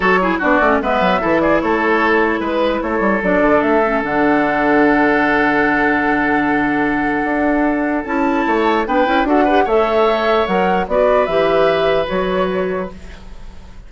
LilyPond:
<<
  \new Staff \with { instrumentName = "flute" } { \time 4/4 \tempo 4 = 149 cis''4 d''4 e''4. d''8 | cis''2 b'4 cis''4 | d''4 e''4 fis''2~ | fis''1~ |
fis''1 | a''2 g''4 fis''4 | e''2 fis''4 d''4 | e''2 cis''2 | }
  \new Staff \with { instrumentName = "oboe" } { \time 4/4 a'8 gis'8 fis'4 b'4 a'8 gis'8 | a'2 b'4 a'4~ | a'1~ | a'1~ |
a'1~ | a'4 cis''4 b'4 a'8 b'8 | cis''2. b'4~ | b'1 | }
  \new Staff \with { instrumentName = "clarinet" } { \time 4/4 fis'8 e'8 d'8 cis'8 b4 e'4~ | e'1 | d'4. cis'8 d'2~ | d'1~ |
d'1 | e'2 d'8 e'8 fis'8 g'8 | a'2 ais'4 fis'4 | g'2 fis'2 | }
  \new Staff \with { instrumentName = "bassoon" } { \time 4/4 fis4 b8 a8 gis8 fis8 e4 | a2 gis4 a8 g8 | fis8 d8 a4 d2~ | d1~ |
d2 d'2 | cis'4 a4 b8 cis'8 d'4 | a2 fis4 b4 | e2 fis2 | }
>>